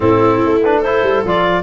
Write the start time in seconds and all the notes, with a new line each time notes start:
0.00 A2 C4 E4 A4
0.44 A3
0.62 D4 B4
0.78 A4 C5
0.84 E4
1.02 G3
1.24 F3 F4 D5